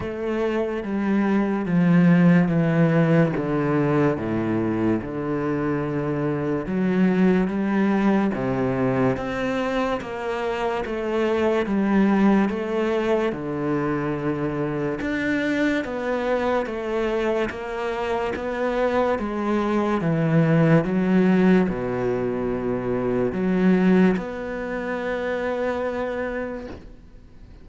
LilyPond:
\new Staff \with { instrumentName = "cello" } { \time 4/4 \tempo 4 = 72 a4 g4 f4 e4 | d4 a,4 d2 | fis4 g4 c4 c'4 | ais4 a4 g4 a4 |
d2 d'4 b4 | a4 ais4 b4 gis4 | e4 fis4 b,2 | fis4 b2. | }